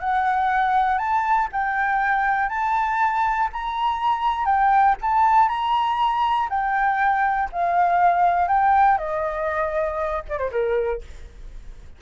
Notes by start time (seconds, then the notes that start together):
0.00 F#5
0.98 A5
1.52 G5
2.49 A5
3.53 A#5
4.46 G5
5.02 A5
5.49 A#5
6.50 G5
7.52 F5
8.48 G5
8.98 D#5
10.29 D5
10.38 C5
10.52 A#4